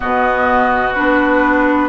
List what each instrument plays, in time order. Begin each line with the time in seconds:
0.00 bassoon B2, clarinet B3, oboe F#4, flute D#5
0.94 bassoon B3, clarinet D4, flute B4